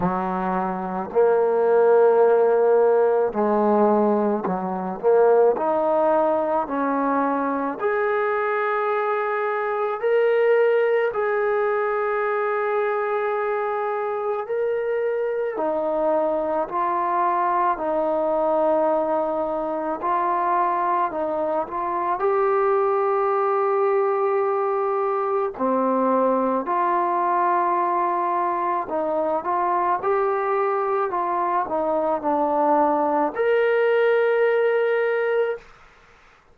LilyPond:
\new Staff \with { instrumentName = "trombone" } { \time 4/4 \tempo 4 = 54 fis4 ais2 gis4 | fis8 ais8 dis'4 cis'4 gis'4~ | gis'4 ais'4 gis'2~ | gis'4 ais'4 dis'4 f'4 |
dis'2 f'4 dis'8 f'8 | g'2. c'4 | f'2 dis'8 f'8 g'4 | f'8 dis'8 d'4 ais'2 | }